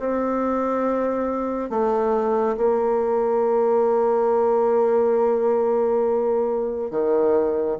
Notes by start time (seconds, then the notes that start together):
0.00 C4
1.70 A3
2.58 A#3
6.91 D#3